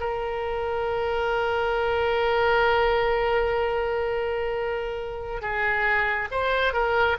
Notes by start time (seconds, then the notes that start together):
0.00 A#4
5.42 G#4
6.31 C5
6.73 A#4